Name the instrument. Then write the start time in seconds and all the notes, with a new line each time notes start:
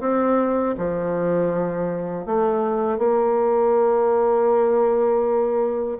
bassoon
0.00 C4
0.77 F3
2.25 A3
2.98 A#3